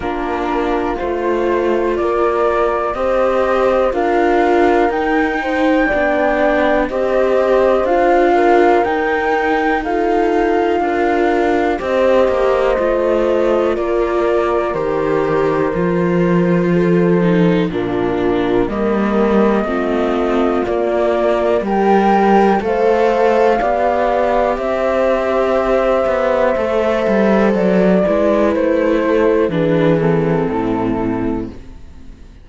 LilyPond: <<
  \new Staff \with { instrumentName = "flute" } { \time 4/4 \tempo 4 = 61 ais'4 c''4 d''4 dis''4 | f''4 g''2 dis''4 | f''4 g''4 f''2 | dis''2 d''4 c''4~ |
c''2 ais'4 dis''4~ | dis''4 d''4 g''4 f''4~ | f''4 e''2. | d''4 c''4 b'8 a'4. | }
  \new Staff \with { instrumentName = "horn" } { \time 4/4 f'2 ais'4 c''4 | ais'4. c''8 d''4 c''4~ | c''8 ais'4. a'4 ais'4 | c''2 ais'2~ |
ais'4 a'4 f'4 ais'4 | f'2 g'4 c''4 | d''4 c''2.~ | c''8 b'4 a'8 gis'4 e'4 | }
  \new Staff \with { instrumentName = "viola" } { \time 4/4 d'4 f'2 g'4 | f'4 dis'4 d'4 g'4 | f'4 dis'4 f'2 | g'4 f'2 g'4 |
f'4. dis'8 d'4 ais4 | c'4 ais4 ais'4 a'4 | g'2. a'4~ | a'8 e'4. d'8 c'4. | }
  \new Staff \with { instrumentName = "cello" } { \time 4/4 ais4 a4 ais4 c'4 | d'4 dis'4 b4 c'4 | d'4 dis'2 d'4 | c'8 ais8 a4 ais4 dis4 |
f2 ais,4 g4 | a4 ais4 g4 a4 | b4 c'4. b8 a8 g8 | fis8 gis8 a4 e4 a,4 | }
>>